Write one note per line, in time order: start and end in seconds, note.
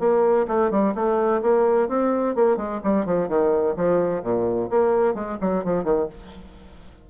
0.00 0.47 A#3
0.48 0.71 A3
0.71 0.94 G3
0.95 1.42 A3
1.42 1.89 A#3
1.89 2.35 C4
2.35 2.57 A#3
2.57 2.81 G#3
2.84 3.06 G3
3.06 3.29 F3
3.29 3.75 D#3
3.77 4.23 F3
4.23 4.69 A#2
4.70 5.15 A#3
5.15 5.38 G#3
5.41 5.65 F#3
5.65 5.84 F3
5.84 6.08 D#3